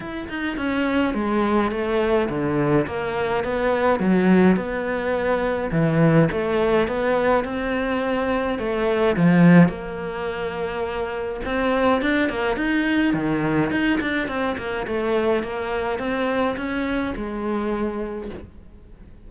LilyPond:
\new Staff \with { instrumentName = "cello" } { \time 4/4 \tempo 4 = 105 e'8 dis'8 cis'4 gis4 a4 | d4 ais4 b4 fis4 | b2 e4 a4 | b4 c'2 a4 |
f4 ais2. | c'4 d'8 ais8 dis'4 dis4 | dis'8 d'8 c'8 ais8 a4 ais4 | c'4 cis'4 gis2 | }